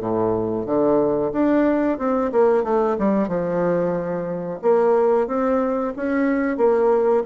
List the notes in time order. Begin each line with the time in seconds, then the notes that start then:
0.00 A2
0.66 D3
1.33 D4
1.98 C4
2.32 A#3
2.64 A3
2.99 G3
3.28 F3
4.62 A#3
5.27 C4
5.97 C#4
6.57 A#3